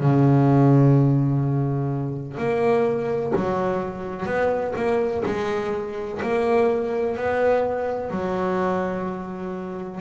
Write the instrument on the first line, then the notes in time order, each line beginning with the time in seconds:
double bass
0.00 C#3
2.38 A#3
3.35 F#3
4.26 B3
4.76 A#3
5.26 G#3
6.22 A#3
7.16 B3
8.10 F#3